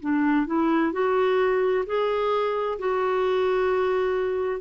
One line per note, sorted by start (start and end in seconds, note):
0.00 0.46 D4
0.46 0.92 E4
0.92 1.85 F#4
1.86 2.78 G#4
2.79 4.60 F#4